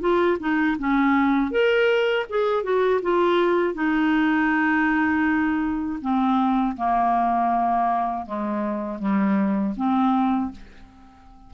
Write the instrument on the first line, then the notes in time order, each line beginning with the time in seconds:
clarinet
0.00 F4
0.39 D#4
0.78 C#4
1.51 A#4
2.29 G#4
2.63 F#4
3.02 F4
3.74 D#4
6.01 C4
6.76 A#3
8.25 G#3
8.99 G3
9.76 C4